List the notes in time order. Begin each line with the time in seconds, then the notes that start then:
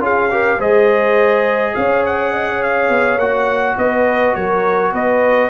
0.00 C#4 F4 G#4 F5
0.30 G4 A#4
0.58 G#3 G#4 C5 D#5
1.75 C#4 C#5 F5
2.06 F#5
2.33 D#5
2.48 C#5
2.63 F5
2.90 B3
3.18 A#3 F#4 F#5
3.78 B3 B4 D#5
4.35 F#3 A#4 C#5
4.92 B3 B4 D#5